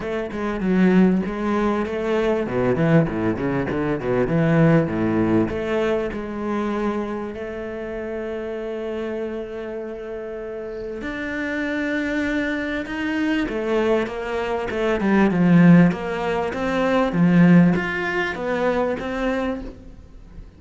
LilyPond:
\new Staff \with { instrumentName = "cello" } { \time 4/4 \tempo 4 = 98 a8 gis8 fis4 gis4 a4 | b,8 e8 a,8 cis8 d8 b,8 e4 | a,4 a4 gis2 | a1~ |
a2 d'2~ | d'4 dis'4 a4 ais4 | a8 g8 f4 ais4 c'4 | f4 f'4 b4 c'4 | }